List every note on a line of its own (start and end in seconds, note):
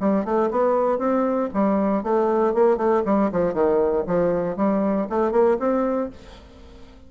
0.00 0.25 G3
0.25 0.50 A3
0.51 0.99 B3
0.99 1.50 C4
1.54 2.04 G3
2.04 2.54 A3
2.54 2.78 A#3
2.78 3.03 A3
3.05 3.31 G3
3.32 3.54 F3
3.54 4.04 D#3
4.07 4.57 F3
4.57 5.08 G3
5.10 5.32 A3
5.32 5.57 A#3
5.59 6.10 C4